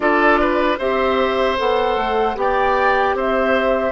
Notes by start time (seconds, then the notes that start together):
0.00 D4 F4 A4 D5
0.40 B4
0.78 C4 G4 C5 E5
1.57 B3 A4 F#5
1.96 A3
2.35 B3 G4 D5 G5
3.14 C4 C5 E5